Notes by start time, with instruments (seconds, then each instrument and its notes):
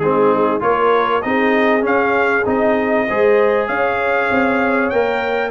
0.00 tuba G#3, trombone C4, horn D#4, trumpet G#4
0.61 tuba A#3, trombone F4, horn A#4, trumpet C#5
1.22 tuba C4, trombone D#4, horn G#4, trumpet D#5
1.82 trombone C#4, tuba C#4, trumpet F5
2.46 tuba C4, trombone D#4, trumpet D#5
3.08 tuba G#3, trombone G#4, horn C5
3.68 tuba C#4, horn C#5, trumpet F5
4.31 tuba C4
4.90 tuba A#3, trombone A#4, trumpet G5